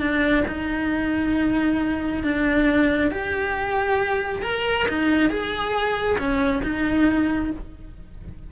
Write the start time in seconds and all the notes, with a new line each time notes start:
0.00 D4
0.48 D#4
2.24 D4
3.12 G4
4.43 A#4
4.89 D#4
5.30 G#4
6.19 C#4
6.63 D#4